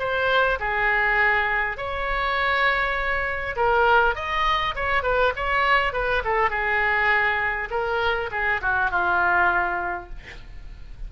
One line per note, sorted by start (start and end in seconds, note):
0.00 0.59 C5
0.60 1.78 G#4
1.78 3.56 C#5
3.56 4.16 A#4
4.16 4.75 D#5
4.76 5.03 C#5
5.03 5.33 B4
5.36 5.94 C#5
5.94 6.23 B4
6.25 6.50 A4
6.50 7.69 G#4
7.71 8.30 A#4
8.32 8.61 G#4
8.62 8.91 F#4
8.91 10.10 F4